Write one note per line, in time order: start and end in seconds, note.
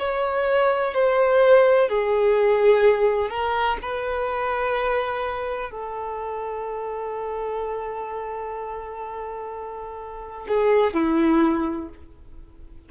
0.00 0.94 C#5
0.94 1.89 C5
1.89 3.31 G#4
3.31 3.78 A#4
3.82 5.71 B4
5.71 10.48 A4
10.48 10.94 G#4
10.94 11.89 E4